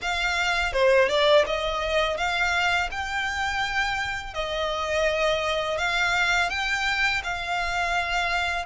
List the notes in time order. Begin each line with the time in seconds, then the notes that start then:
0.01 F5
0.72 C5
1.08 D5
1.46 D#5
2.17 F5
2.91 G5
4.33 D#5
5.78 F5
6.49 G5
7.23 F5